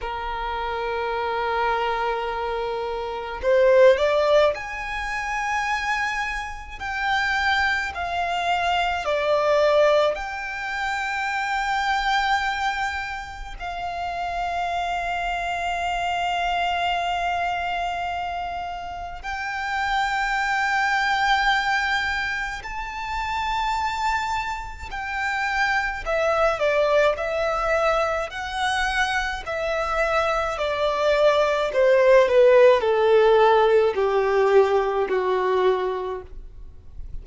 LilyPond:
\new Staff \with { instrumentName = "violin" } { \time 4/4 \tempo 4 = 53 ais'2. c''8 d''8 | gis''2 g''4 f''4 | d''4 g''2. | f''1~ |
f''4 g''2. | a''2 g''4 e''8 d''8 | e''4 fis''4 e''4 d''4 | c''8 b'8 a'4 g'4 fis'4 | }